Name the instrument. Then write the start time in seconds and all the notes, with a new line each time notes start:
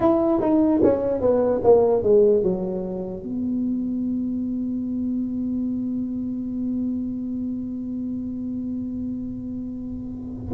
tuba
0.00 E4
0.40 D#4
0.83 C#4
1.20 B3
1.63 A#3
2.02 G#3
2.43 F#3
3.22 B3